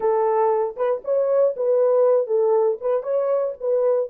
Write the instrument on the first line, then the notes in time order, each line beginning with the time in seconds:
horn
0.00 A4
0.76 B4
1.04 C#5
1.56 B4
2.27 A4
2.80 B4
3.03 C#5
3.60 B4